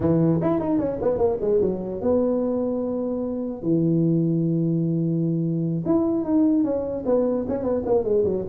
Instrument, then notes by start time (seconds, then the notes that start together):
tuba
0.00 E3
0.41 E4
0.59 D#4
0.78 C#4
1.01 B3
1.18 A#3
1.40 G#3
1.61 F#3
2.01 B3
3.62 E3
5.85 E4
6.24 D#4
6.64 C#4
7.05 B3
7.48 C#4
7.62 B3
7.85 A#3
8.04 G#3
8.24 F#3